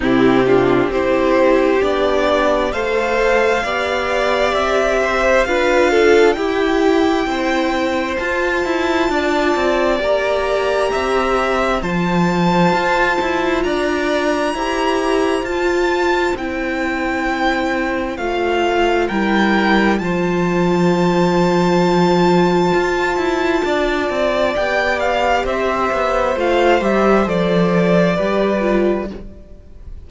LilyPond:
<<
  \new Staff \with { instrumentName = "violin" } { \time 4/4 \tempo 4 = 66 g'4 c''4 d''4 f''4~ | f''4 e''4 f''4 g''4~ | g''4 a''2 ais''4~ | ais''4 a''2 ais''4~ |
ais''4 a''4 g''2 | f''4 g''4 a''2~ | a''2. g''8 f''8 | e''4 f''8 e''8 d''2 | }
  \new Staff \with { instrumentName = "violin" } { \time 4/4 e'8 f'8 g'2 c''4 | d''4. c''8 b'8 a'8 g'4 | c''2 d''2 | e''4 c''2 d''4 |
c''1~ | c''4 ais'4 c''2~ | c''2 d''2 | c''2. b'4 | }
  \new Staff \with { instrumentName = "viola" } { \time 4/4 c'8 d'8 e'4 d'4 a'4 | g'2 f'4 e'4~ | e'4 f'2 g'4~ | g'4 f'2. |
g'4 f'4 e'2 | f'4 e'4 f'2~ | f'2. g'4~ | g'4 f'8 g'8 a'4 g'8 f'8 | }
  \new Staff \with { instrumentName = "cello" } { \time 4/4 c4 c'4 b4 a4 | b4 c'4 d'4 e'4 | c'4 f'8 e'8 d'8 c'8 ais4 | c'4 f4 f'8 e'8 d'4 |
e'4 f'4 c'2 | a4 g4 f2~ | f4 f'8 e'8 d'8 c'8 b4 | c'8 b8 a8 g8 f4 g4 | }
>>